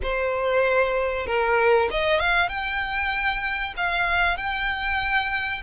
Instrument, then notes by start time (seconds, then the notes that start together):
violin
0.03 C5
1.26 A#4
1.90 D#5
2.19 F5
2.48 G5
3.76 F5
4.37 G5